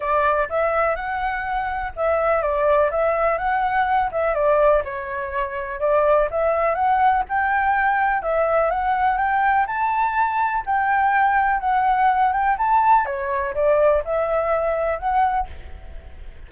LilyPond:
\new Staff \with { instrumentName = "flute" } { \time 4/4 \tempo 4 = 124 d''4 e''4 fis''2 | e''4 d''4 e''4 fis''4~ | fis''8 e''8 d''4 cis''2 | d''4 e''4 fis''4 g''4~ |
g''4 e''4 fis''4 g''4 | a''2 g''2 | fis''4. g''8 a''4 cis''4 | d''4 e''2 fis''4 | }